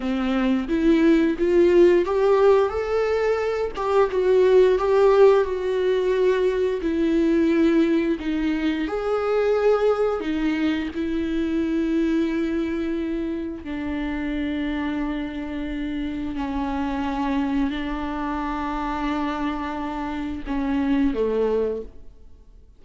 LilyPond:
\new Staff \with { instrumentName = "viola" } { \time 4/4 \tempo 4 = 88 c'4 e'4 f'4 g'4 | a'4. g'8 fis'4 g'4 | fis'2 e'2 | dis'4 gis'2 dis'4 |
e'1 | d'1 | cis'2 d'2~ | d'2 cis'4 a4 | }